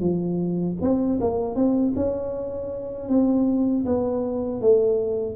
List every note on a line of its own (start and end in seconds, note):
0.00 0.76 F3
0.81 1.19 C4
1.20 1.55 A#3
1.55 1.93 C4
1.95 3.09 C#4
3.09 3.85 C4
3.85 4.61 B3
4.61 5.36 A3